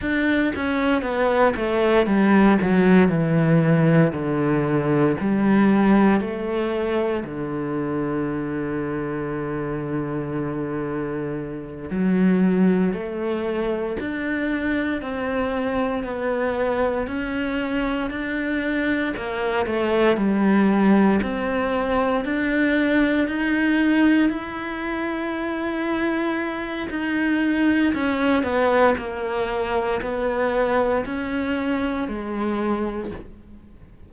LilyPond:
\new Staff \with { instrumentName = "cello" } { \time 4/4 \tempo 4 = 58 d'8 cis'8 b8 a8 g8 fis8 e4 | d4 g4 a4 d4~ | d2.~ d8 fis8~ | fis8 a4 d'4 c'4 b8~ |
b8 cis'4 d'4 ais8 a8 g8~ | g8 c'4 d'4 dis'4 e'8~ | e'2 dis'4 cis'8 b8 | ais4 b4 cis'4 gis4 | }